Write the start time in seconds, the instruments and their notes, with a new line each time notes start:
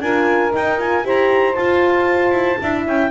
0.00 double bass D4, horn F4, saxophone A#4, clarinet G#5
0.51 horn D#4, double bass D#4, clarinet G5
0.78 horn F4, clarinet G#5
1.03 double bass E4, horn G4, saxophone C5, clarinet A#5
1.55 horn F4, double bass F4, clarinet A5
2.31 double bass E4
2.61 double bass D4, horn E4, saxophone E5
2.87 double bass C#4, clarinet G5